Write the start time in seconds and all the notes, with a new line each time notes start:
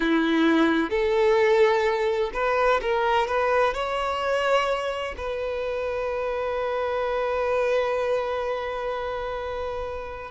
0.00 E4
0.89 A4
2.33 B4
2.81 A#4
3.27 B4
3.74 C#5
5.17 B4